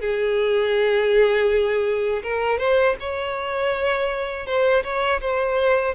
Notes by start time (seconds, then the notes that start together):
0.00 G#4
2.23 A#4
2.58 C5
3.00 C#5
4.46 C5
4.83 C#5
5.21 C5